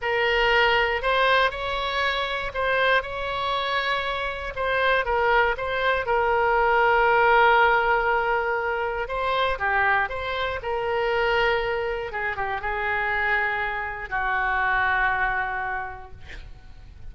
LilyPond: \new Staff \with { instrumentName = "oboe" } { \time 4/4 \tempo 4 = 119 ais'2 c''4 cis''4~ | cis''4 c''4 cis''2~ | cis''4 c''4 ais'4 c''4 | ais'1~ |
ais'2 c''4 g'4 | c''4 ais'2. | gis'8 g'8 gis'2. | fis'1 | }